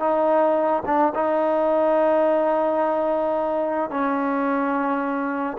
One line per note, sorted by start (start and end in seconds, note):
0.00 0.83 D#4
0.86 1.13 D4
1.15 3.91 D#4
3.91 5.58 C#4